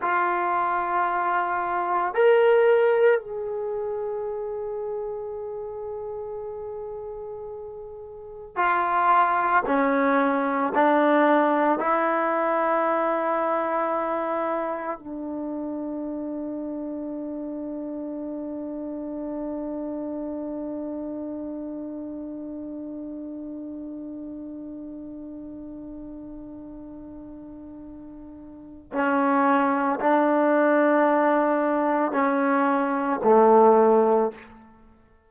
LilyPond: \new Staff \with { instrumentName = "trombone" } { \time 4/4 \tempo 4 = 56 f'2 ais'4 gis'4~ | gis'1 | f'4 cis'4 d'4 e'4~ | e'2 d'2~ |
d'1~ | d'1~ | d'2. cis'4 | d'2 cis'4 a4 | }